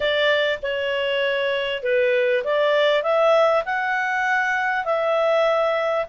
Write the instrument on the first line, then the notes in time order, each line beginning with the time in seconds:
clarinet
0.00 D5
0.62 C#5
1.83 B4
2.44 D5
3.02 E5
3.65 F#5
4.84 E5